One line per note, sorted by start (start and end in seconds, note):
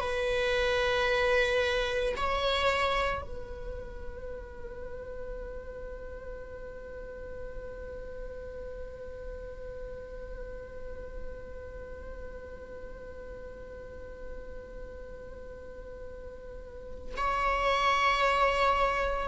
0.00 2.14 B4
2.16 3.21 C#5
3.21 17.14 B4
17.17 19.28 C#5